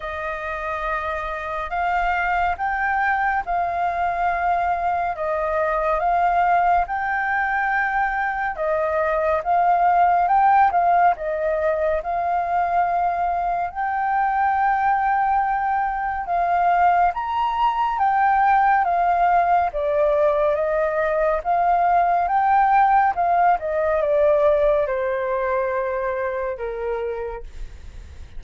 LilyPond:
\new Staff \with { instrumentName = "flute" } { \time 4/4 \tempo 4 = 70 dis''2 f''4 g''4 | f''2 dis''4 f''4 | g''2 dis''4 f''4 | g''8 f''8 dis''4 f''2 |
g''2. f''4 | ais''4 g''4 f''4 d''4 | dis''4 f''4 g''4 f''8 dis''8 | d''4 c''2 ais'4 | }